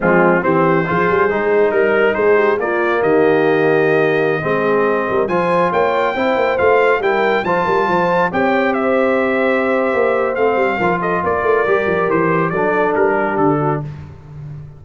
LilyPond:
<<
  \new Staff \with { instrumentName = "trumpet" } { \time 4/4 \tempo 4 = 139 f'4 c''2. | ais'4 c''4 d''4 dis''4~ | dis''1~ | dis''16 gis''4 g''2 f''8.~ |
f''16 g''4 a''2 g''8.~ | g''16 e''2.~ e''8. | f''4. dis''8 d''2 | c''4 d''4 ais'4 a'4 | }
  \new Staff \with { instrumentName = "horn" } { \time 4/4 c'4 g'4 gis'2 | ais'4 gis'8 g'8 f'4 g'4~ | g'2~ g'16 gis'4. ais'16~ | ais'16 c''4 cis''4 c''4.~ c''16~ |
c''16 ais'4 c''8 ais'8 c''4 cis''8.~ | cis''16 c''2.~ c''8.~ | c''4 ais'8 a'8 ais'2~ | ais'4 a'4. g'4 fis'8 | }
  \new Staff \with { instrumentName = "trombone" } { \time 4/4 gis4 c'4 f'4 dis'4~ | dis'2 ais2~ | ais2~ ais16 c'4.~ c'16~ | c'16 f'2 e'4 f'8.~ |
f'16 e'4 f'2 g'8.~ | g'1 | c'4 f'2 g'4~ | g'4 d'2. | }
  \new Staff \with { instrumentName = "tuba" } { \time 4/4 f4 e4 f8 g8 gis4 | g4 gis4 ais4 dis4~ | dis2~ dis16 gis4. g16~ | g16 f4 ais4 c'8 ais8 a8.~ |
a16 g4 f8 g8 f4 c'8.~ | c'2. ais4 | a8 g8 f4 ais8 a8 g8 f8 | e4 fis4 g4 d4 | }
>>